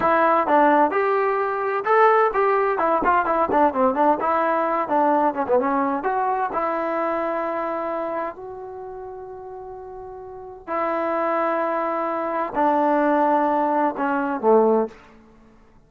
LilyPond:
\new Staff \with { instrumentName = "trombone" } { \time 4/4 \tempo 4 = 129 e'4 d'4 g'2 | a'4 g'4 e'8 f'8 e'8 d'8 | c'8 d'8 e'4. d'4 cis'16 b16 | cis'4 fis'4 e'2~ |
e'2 fis'2~ | fis'2. e'4~ | e'2. d'4~ | d'2 cis'4 a4 | }